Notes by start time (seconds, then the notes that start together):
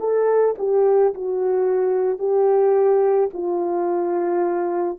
0.00 A4
0.58 G4
1.15 F#4
2.19 G4
3.33 F4